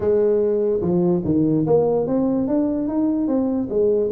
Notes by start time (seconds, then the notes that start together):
0.00 G#3
0.81 F3
1.24 D#3
1.66 A#3
2.07 C4
2.47 D4
2.87 D#4
3.27 C4
3.69 G#3